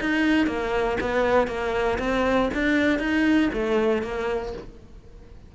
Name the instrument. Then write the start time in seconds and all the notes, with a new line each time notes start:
cello
0.00 D#4
0.46 A#3
1.00 B3
1.47 A#3
1.99 C4
2.53 D4
2.99 D#4
3.52 A3
4.02 A#3